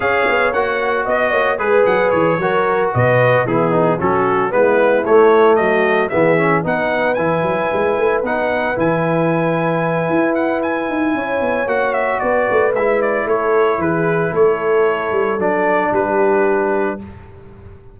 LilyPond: <<
  \new Staff \with { instrumentName = "trumpet" } { \time 4/4 \tempo 4 = 113 f''4 fis''4 dis''4 b'8 fis''8 | cis''4. dis''4 gis'4 a'8~ | a'8 b'4 cis''4 dis''4 e''8~ | e''8 fis''4 gis''2 fis''8~ |
fis''8 gis''2. fis''8 | gis''2 fis''8 e''8 d''4 | e''8 d''8 cis''4 b'4 cis''4~ | cis''4 d''4 b'2 | }
  \new Staff \with { instrumentName = "horn" } { \time 4/4 cis''2 dis''8 cis''8 b'4~ | b'8 ais'4 b'4 b4 fis'8~ | fis'8 e'2 fis'4 gis'8~ | gis'8 b'2.~ b'8~ |
b'1~ | b'4 cis''2 b'4~ | b'4 a'4 gis'4 a'4~ | a'2 g'2 | }
  \new Staff \with { instrumentName = "trombone" } { \time 4/4 gis'4 fis'2 gis'4~ | gis'8 fis'2 e'8 dis'8 cis'8~ | cis'8 b4 a2 b8 | cis'8 dis'4 e'2 dis'8~ |
dis'8 e'2.~ e'8~ | e'2 fis'2 | e'1~ | e'4 d'2. | }
  \new Staff \with { instrumentName = "tuba" } { \time 4/4 cis'8 b8 ais4 b8 ais8 gis8 fis8 | e8 fis4 b,4 e4 fis8~ | fis8 gis4 a4 fis4 e8~ | e8 b4 e8 fis8 gis8 a8 b8~ |
b8 e2~ e8 e'4~ | e'8 dis'8 cis'8 b8 ais4 b8 a8 | gis4 a4 e4 a4~ | a8 g8 fis4 g2 | }
>>